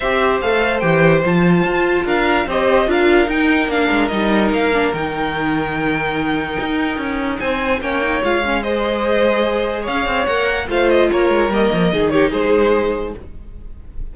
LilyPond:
<<
  \new Staff \with { instrumentName = "violin" } { \time 4/4 \tempo 4 = 146 e''4 f''4 g''4 a''4~ | a''4 f''4 dis''4 f''4 | g''4 f''4 dis''4 f''4 | g''1~ |
g''2 gis''4 g''4 | f''4 dis''2. | f''4 fis''4 f''8 dis''8 cis''4 | dis''4. cis''8 c''2 | }
  \new Staff \with { instrumentName = "violin" } { \time 4/4 c''1~ | c''4 ais'4 c''4 ais'4~ | ais'1~ | ais'1~ |
ais'2 c''4 cis''4~ | cis''4 c''2. | cis''2 c''4 ais'4~ | ais'4 gis'8 g'8 gis'2 | }
  \new Staff \with { instrumentName = "viola" } { \time 4/4 g'4 a'4 g'4 f'4~ | f'2 g'4 f'4 | dis'4 d'4 dis'4. d'8 | dis'1~ |
dis'2. cis'8 dis'8 | f'8 cis'8 gis'2.~ | gis'4 ais'4 f'2 | ais4 dis'2. | }
  \new Staff \with { instrumentName = "cello" } { \time 4/4 c'4 a4 e4 f4 | f'4 d'4 c'4 d'4 | dis'4 ais8 gis8 g4 ais4 | dis1 |
dis'4 cis'4 c'4 ais4 | gis1 | cis'8 c'8 ais4 a4 ais8 gis8 | g8 f8 dis4 gis2 | }
>>